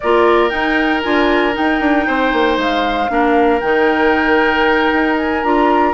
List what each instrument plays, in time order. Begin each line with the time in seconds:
0.00 bassoon A#3, clarinet F4, oboe A#4, flute D5
0.49 clarinet D#4, bassoon D#4, flute G5
1.02 bassoon D4, clarinet F4, flute G#5
1.53 clarinet D#4, bassoon D#4, flute G5
1.80 bassoon D4
2.06 bassoon C4, oboe C5
2.33 bassoon A#3
2.57 bassoon G#3, flute F5
3.09 bassoon A#3, clarinet D4, oboe A#4
3.60 bassoon D#3, clarinet D#4, flute G5
4.93 bassoon D#4
5.17 flute G#5
5.43 bassoon D4, clarinet F4, flute A#5